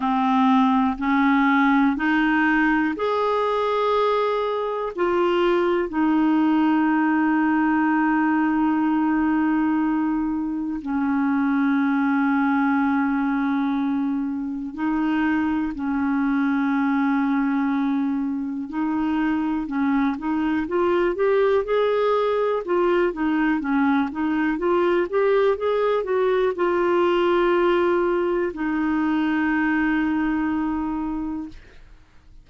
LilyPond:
\new Staff \with { instrumentName = "clarinet" } { \time 4/4 \tempo 4 = 61 c'4 cis'4 dis'4 gis'4~ | gis'4 f'4 dis'2~ | dis'2. cis'4~ | cis'2. dis'4 |
cis'2. dis'4 | cis'8 dis'8 f'8 g'8 gis'4 f'8 dis'8 | cis'8 dis'8 f'8 g'8 gis'8 fis'8 f'4~ | f'4 dis'2. | }